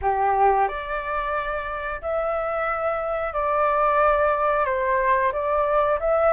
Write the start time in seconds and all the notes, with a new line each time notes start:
0.01 G4
0.68 D5
2.01 E5
3.33 D5
4.65 C5
5.32 D5
6.00 E5